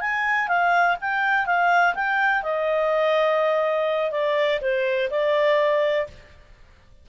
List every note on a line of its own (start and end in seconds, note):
0.00 0.48 G#5
0.48 0.96 F5
1.00 1.46 G5
1.46 1.94 F5
1.94 2.43 G5
2.43 4.11 D#5
4.11 4.59 D5
4.61 5.09 C5
5.10 6.07 D5